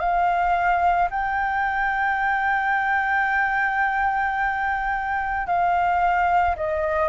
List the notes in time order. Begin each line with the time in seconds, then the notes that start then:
0.00 F5
1.11 G5
5.46 F5
6.56 D#5